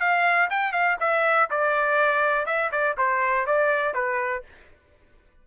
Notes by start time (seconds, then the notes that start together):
0.00 F5
0.50 G5
0.72 F5
1.00 E5
1.51 D5
2.46 E5
2.72 D5
2.98 C5
3.46 D5
3.94 B4